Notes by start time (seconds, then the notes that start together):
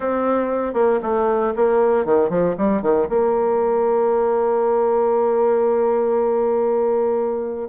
0.00 C4
0.73 A#3
1.02 A3
1.56 A#3
2.05 D#3
2.29 F3
2.57 G3
2.82 D#3
3.09 A#3